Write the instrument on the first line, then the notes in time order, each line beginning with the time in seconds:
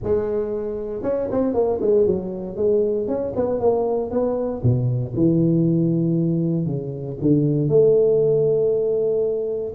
tuba
0.03 G#3
1.03 C#4
1.31 C4
1.54 A#3
1.81 G#3
2.06 F#3
2.56 G#3
3.07 C#4
3.36 B3
3.60 A#3
4.10 B3
4.62 B2
5.15 E3
6.66 C#3
7.21 D3
7.68 A3